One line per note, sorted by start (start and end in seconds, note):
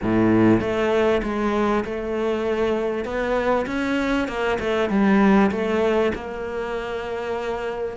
0.03 0.60 A2
0.60 1.21 A3
1.22 1.84 G#3
1.85 3.04 A3
3.04 3.65 B3
3.66 4.27 C#4
4.27 4.58 A#3
4.59 4.89 A3
4.89 5.50 G3
5.51 6.12 A3
6.14 7.96 A#3